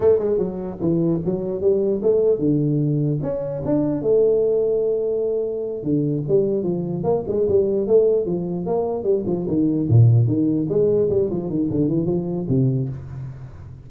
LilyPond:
\new Staff \with { instrumentName = "tuba" } { \time 4/4 \tempo 4 = 149 a8 gis8 fis4 e4 fis4 | g4 a4 d2 | cis'4 d'4 a2~ | a2~ a8 d4 g8~ |
g8 f4 ais8 gis8 g4 a8~ | a8 f4 ais4 g8 f8 dis8~ | dis8 ais,4 dis4 gis4 g8 | f8 dis8 d8 e8 f4 c4 | }